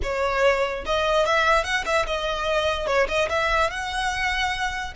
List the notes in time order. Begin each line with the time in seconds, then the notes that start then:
0.02 C#5
0.85 D#5
1.25 E5
1.64 F#5
1.85 E5
2.06 D#5
2.86 C#5
3.08 D#5
3.29 E5
3.70 F#5